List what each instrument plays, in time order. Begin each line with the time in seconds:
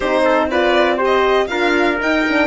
0.00 cello C4, horn D#4, trumpet G4, violin C5
0.24 trumpet A4
0.50 horn F4, trumpet B4, violin D5
0.97 horn G4, trumpet C5
1.05 violin D#5
1.47 cello D4, horn F4, trumpet A#4, violin F5
2.00 horn D#4, cello D#4, violin G5
2.28 horn D4